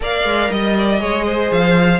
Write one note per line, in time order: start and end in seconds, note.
0.00 0.24 A#3
0.00 0.99 A#4
0.00 0.50 D5
0.00 0.53 F5
0.24 0.49 G#3
0.50 1.00 G3
0.50 0.75 D#5
0.50 1.52 D#5
0.77 1.00 D5
0.99 1.50 G#3
0.99 1.99 G#4
0.99 1.25 C#5
1.25 1.99 C5
1.51 1.99 F3
1.51 1.99 F5